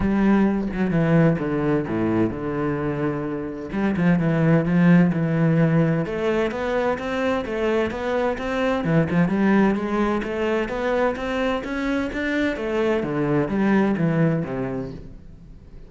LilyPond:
\new Staff \with { instrumentName = "cello" } { \time 4/4 \tempo 4 = 129 g4. fis8 e4 d4 | a,4 d2. | g8 f8 e4 f4 e4~ | e4 a4 b4 c'4 |
a4 b4 c'4 e8 f8 | g4 gis4 a4 b4 | c'4 cis'4 d'4 a4 | d4 g4 e4 c4 | }